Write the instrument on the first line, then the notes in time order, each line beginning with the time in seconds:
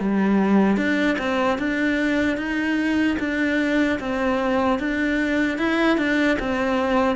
cello
0.00 G3
0.77 D4
1.19 C4
1.59 D4
2.38 D#4
3.20 D4
4.00 C4
4.80 D4
5.59 E4
5.98 D4
6.40 C4